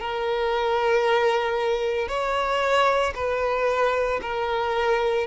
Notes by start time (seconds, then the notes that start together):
0.00 A#4
2.08 C#5
3.15 B4
4.22 A#4